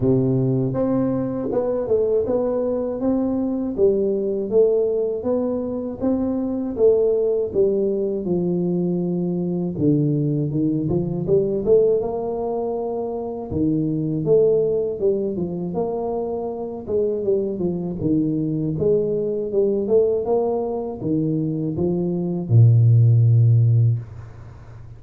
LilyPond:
\new Staff \with { instrumentName = "tuba" } { \time 4/4 \tempo 4 = 80 c4 c'4 b8 a8 b4 | c'4 g4 a4 b4 | c'4 a4 g4 f4~ | f4 d4 dis8 f8 g8 a8 |
ais2 dis4 a4 | g8 f8 ais4. gis8 g8 f8 | dis4 gis4 g8 a8 ais4 | dis4 f4 ais,2 | }